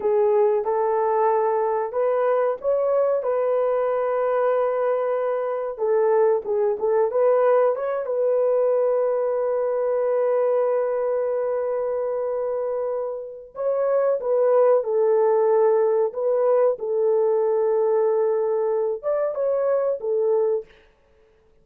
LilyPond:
\new Staff \with { instrumentName = "horn" } { \time 4/4 \tempo 4 = 93 gis'4 a'2 b'4 | cis''4 b'2.~ | b'4 a'4 gis'8 a'8 b'4 | cis''8 b'2.~ b'8~ |
b'1~ | b'4 cis''4 b'4 a'4~ | a'4 b'4 a'2~ | a'4. d''8 cis''4 a'4 | }